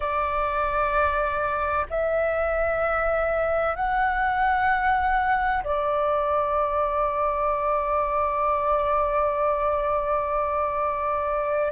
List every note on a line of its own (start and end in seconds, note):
0.00 1.86 D5
1.90 3.75 E5
3.75 5.62 F#5
5.63 11.71 D5